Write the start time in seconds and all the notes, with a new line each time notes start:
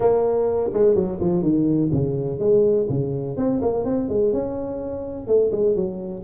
0.00 A#3
0.73 G#3
0.94 F#3
1.20 F3
1.42 D#3
1.91 C#3
2.39 G#3
2.89 C#3
3.36 C4
3.61 A#3
3.84 C4
4.08 G#3
4.32 C#4
5.27 A3
5.51 G#3
5.75 F#3